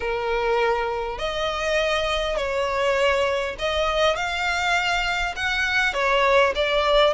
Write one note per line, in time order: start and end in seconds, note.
0.00 1.18 A#4
1.18 2.36 D#5
2.36 3.55 C#5
3.58 4.16 D#5
4.16 5.35 F5
5.36 5.93 F#5
5.93 6.53 C#5
6.55 7.13 D5